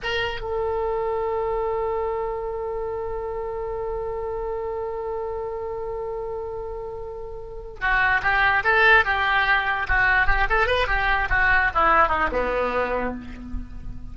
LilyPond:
\new Staff \with { instrumentName = "oboe" } { \time 4/4 \tempo 4 = 146 ais'4 a'2.~ | a'1~ | a'1~ | a'1~ |
a'2. fis'4 | g'4 a'4 g'2 | fis'4 g'8 a'8 b'8 g'4 fis'8~ | fis'8 e'4 dis'8 b2 | }